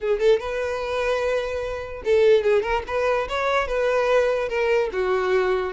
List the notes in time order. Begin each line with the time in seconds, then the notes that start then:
0.00 G#4
0.19 A4
0.39 B4
2.04 A4
2.43 G#4
2.62 A#4
2.87 B4
3.28 C#5
3.67 B4
4.48 A#4
4.92 F#4